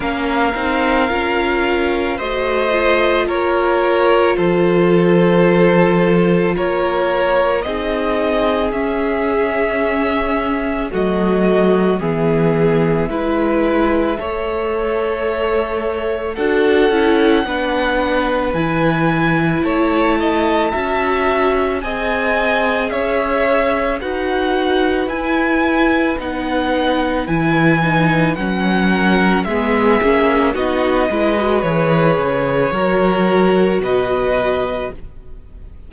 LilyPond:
<<
  \new Staff \with { instrumentName = "violin" } { \time 4/4 \tempo 4 = 55 f''2 dis''4 cis''4 | c''2 cis''4 dis''4 | e''2 dis''4 e''4~ | e''2. fis''4~ |
fis''4 gis''4 a''2 | gis''4 e''4 fis''4 gis''4 | fis''4 gis''4 fis''4 e''4 | dis''4 cis''2 dis''4 | }
  \new Staff \with { instrumentName = "violin" } { \time 4/4 ais'2 c''4 ais'4 | a'2 ais'4 gis'4~ | gis'2 fis'4 gis'4 | b'4 cis''2 a'4 |
b'2 cis''8 dis''8 e''4 | dis''4 cis''4 b'2~ | b'2~ b'8 ais'8 gis'4 | fis'8 b'4. ais'4 b'4 | }
  \new Staff \with { instrumentName = "viola" } { \time 4/4 cis'8 dis'8 f'4 fis'8 f'4.~ | f'2. dis'4 | cis'2 a4 b4 | e'4 a'2 fis'8 e'8 |
d'4 e'2 fis'4 | gis'2 fis'4 e'4 | dis'4 e'8 dis'8 cis'4 b8 cis'8 | dis'8 e'16 fis'16 gis'4 fis'2 | }
  \new Staff \with { instrumentName = "cello" } { \time 4/4 ais8 c'8 cis'4 a4 ais4 | f2 ais4 c'4 | cis'2 fis4 e4 | gis4 a2 d'8 cis'8 |
b4 e4 a4 cis'4 | c'4 cis'4 dis'4 e'4 | b4 e4 fis4 gis8 ais8 | b8 gis8 e8 cis8 fis4 b,4 | }
>>